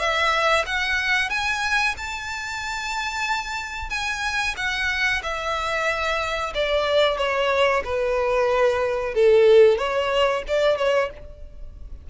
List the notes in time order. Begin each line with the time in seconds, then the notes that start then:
0.00 E5
0.66 F#5
1.30 G#5
1.98 A5
3.90 G#5
4.57 F#5
5.24 E5
6.55 D5
7.18 C#5
7.85 B4
9.15 A4
9.79 C#5
10.48 D5
10.78 C#5